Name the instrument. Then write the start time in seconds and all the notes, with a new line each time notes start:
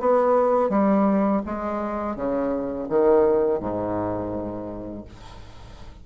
bassoon
0.00 B3
0.70 G3
1.46 G#3
2.16 C#3
2.89 D#3
3.60 G#2